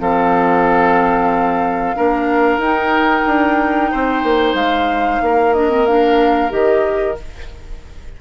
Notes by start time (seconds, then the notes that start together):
0.00 F3 C4 A4 F5
1.96 A#3 D4 A#4
2.58 D#4 G5
3.27 D4
3.92 C4 C5
4.24 A#3
4.54 G#3 F5
5.22 A#3 A#4
5.54 D4 D#5
5.70 C4
5.87 D4 F5
6.50 D#3 G4 D#5